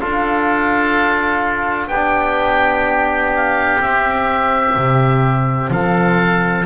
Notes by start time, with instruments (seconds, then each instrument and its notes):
0.00 double bass D4, trombone F4, oboe A4 F5
1.88 double bass B3, oboe G4 G5
1.95 trombone D4
3.36 oboe F5
3.80 double bass C4, trombone C4, oboe E5
4.76 double bass C3
5.70 double bass F3, oboe A4 F5